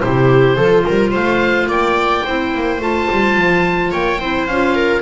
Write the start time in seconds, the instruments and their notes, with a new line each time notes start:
0.00 double bass C3, clarinet E4, viola G4, oboe C5
0.56 double bass F3, clarinet F4, viola A4
0.86 double bass G3, viola A#4
1.11 double bass A3, viola C5, oboe F5
1.66 double bass A#3, viola D5, oboe G5
2.25 double bass C4, clarinet E4, viola C5
2.54 double bass A#3
2.80 double bass A3, clarinet F4, oboe A5
3.11 double bass G3
3.36 double bass F3
3.91 double bass A#3, viola C#5, oboe G5
4.20 double bass C4, clarinet E4, viola C5
4.46 double bass C#4, clarinet F4, oboe F5
4.75 viola A#4